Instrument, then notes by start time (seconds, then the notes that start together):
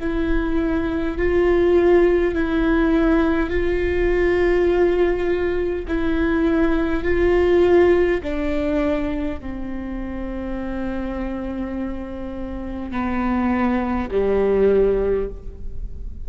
viola
0.00 E4
1.18 F4
2.35 E4
3.50 F4
5.88 E4
7.04 F4
8.23 D4
9.41 C4
12.91 B3
14.11 G3